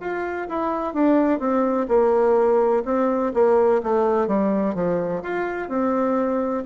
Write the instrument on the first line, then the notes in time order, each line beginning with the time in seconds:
bassoon
0.00 F4
0.48 E4
0.93 D4
1.39 C4
1.88 A#3
2.85 C4
3.33 A#3
3.83 A3
4.27 G3
4.74 F3
5.22 F4
5.68 C4